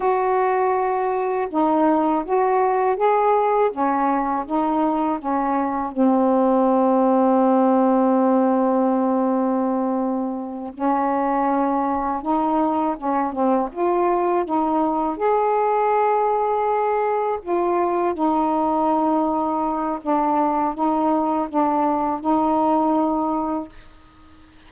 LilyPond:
\new Staff \with { instrumentName = "saxophone" } { \time 4/4 \tempo 4 = 81 fis'2 dis'4 fis'4 | gis'4 cis'4 dis'4 cis'4 | c'1~ | c'2~ c'8 cis'4.~ |
cis'8 dis'4 cis'8 c'8 f'4 dis'8~ | dis'8 gis'2. f'8~ | f'8 dis'2~ dis'8 d'4 | dis'4 d'4 dis'2 | }